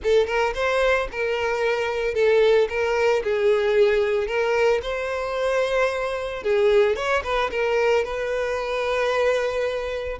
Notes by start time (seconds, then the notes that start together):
0.03 A4
0.26 A#4
0.54 C5
1.11 A#4
2.14 A4
2.69 A#4
3.23 G#4
4.27 A#4
4.82 C5
6.43 G#4
6.95 C#5
7.23 B4
7.50 A#4
8.04 B4